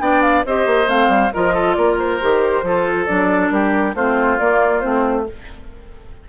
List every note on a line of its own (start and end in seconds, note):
0.00 0.44 B3
0.00 0.44 D4
0.00 0.46 D5
0.00 0.22 G5
0.22 0.44 F5
0.46 0.66 C4
0.46 0.86 G4
0.46 1.34 C5
0.46 0.89 D#5
0.66 0.88 A#3
0.86 1.08 A3
0.86 1.30 C4
0.86 1.33 F5
1.08 1.30 G3
1.34 1.77 F3
1.34 2.21 F4
1.34 1.54 A#4
1.34 1.75 D#5
1.54 1.76 A4
1.75 2.21 A#3
1.75 2.65 A#4
1.75 1.96 D5
1.99 3.06 C5
2.21 2.63 D#3
2.21 2.64 G4
2.63 3.07 F3
2.63 3.07 F4
2.63 3.54 A4
3.06 3.51 F#3
3.06 3.95 D4
3.06 3.50 D5
3.50 3.94 G3
3.50 3.95 G4
3.50 3.94 A#4
3.95 4.38 A3
3.95 4.40 C4
3.95 5.27 F4
3.95 4.39 C5
4.39 4.84 A#3
4.39 4.81 A#3
4.39 4.80 D5
4.80 5.29 A3
4.80 5.24 C4
4.80 5.24 C5